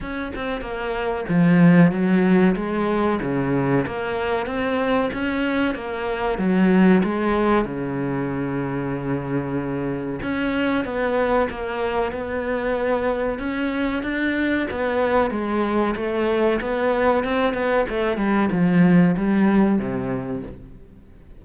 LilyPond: \new Staff \with { instrumentName = "cello" } { \time 4/4 \tempo 4 = 94 cis'8 c'8 ais4 f4 fis4 | gis4 cis4 ais4 c'4 | cis'4 ais4 fis4 gis4 | cis1 |
cis'4 b4 ais4 b4~ | b4 cis'4 d'4 b4 | gis4 a4 b4 c'8 b8 | a8 g8 f4 g4 c4 | }